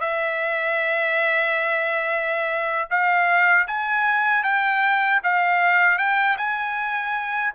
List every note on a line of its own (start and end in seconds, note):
0.00 2.88 E5
2.90 3.67 F5
3.67 4.43 G#5
4.43 5.20 G5
5.23 5.98 F5
5.98 6.36 G5
6.37 7.53 G#5